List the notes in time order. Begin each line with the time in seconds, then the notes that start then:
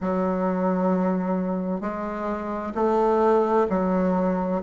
0.00 F#3
1.80 G#3
2.74 A3
3.69 F#3